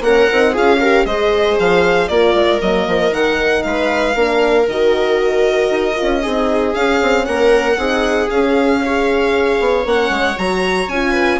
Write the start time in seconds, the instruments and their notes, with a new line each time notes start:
0.00 bassoon A#3, horn C#4, viola A#4, violin F#5
0.30 bassoon C4, horn D#4
0.52 bassoon C#4, horn F4, viola G#4, violin F5
0.80 horn G4, viola A#4
1.05 bassoon G#3, horn G#4, viola C5, violin D#5
1.58 bassoon F3, violin F5
2.07 bassoon A#3, horn F4, viola A#4, violin D5
2.33 bassoon G#3
2.61 bassoon F#3, horn A#3, violin D#5
2.87 bassoon F3
3.11 bassoon D#3, horn D#4, violin F#5
3.62 bassoon G#3, viola B4, violin F5
4.15 bassoon A#3, horn D4, viola A#4
4.67 bassoon D#3, horn F#4, violin D#5
5.70 bassoon D#4
5.95 horn F4
6.01 bassoon C#4
6.22 bassoon C4, horn D#4, viola G#4
6.74 bassoon C#4, horn C#4, violin F5
7.01 bassoon C4
7.25 bassoon A#3, viola A#4, violin F#5
7.77 bassoon C4, horn D#4, viola G#4
8.29 bassoon C#4, horn C#4, violin F5
8.84 horn G#4, viola C#5
9.59 bassoon B3
9.83 bassoon A#3, horn C#4, violin F#5
10.09 bassoon G#3
10.36 bassoon F#3, horn F#4, violin A#5
10.87 bassoon C#4, horn F4, violin G#5
11.11 viola B4